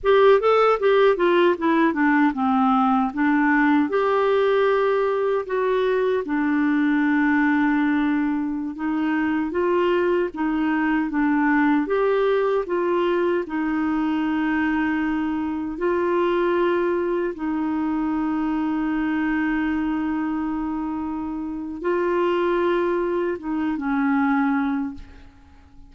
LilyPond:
\new Staff \with { instrumentName = "clarinet" } { \time 4/4 \tempo 4 = 77 g'8 a'8 g'8 f'8 e'8 d'8 c'4 | d'4 g'2 fis'4 | d'2.~ d'16 dis'8.~ | dis'16 f'4 dis'4 d'4 g'8.~ |
g'16 f'4 dis'2~ dis'8.~ | dis'16 f'2 dis'4.~ dis'16~ | dis'1 | f'2 dis'8 cis'4. | }